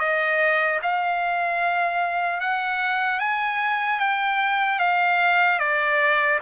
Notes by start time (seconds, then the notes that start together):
0.00 D#5
0.83 F5
2.41 F#5
3.20 G#5
4.00 G5
4.80 F5
5.59 D5